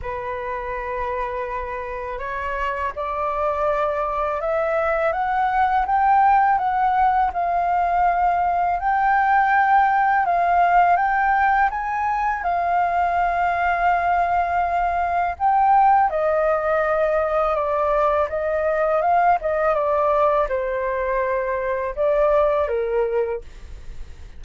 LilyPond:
\new Staff \with { instrumentName = "flute" } { \time 4/4 \tempo 4 = 82 b'2. cis''4 | d''2 e''4 fis''4 | g''4 fis''4 f''2 | g''2 f''4 g''4 |
gis''4 f''2.~ | f''4 g''4 dis''2 | d''4 dis''4 f''8 dis''8 d''4 | c''2 d''4 ais'4 | }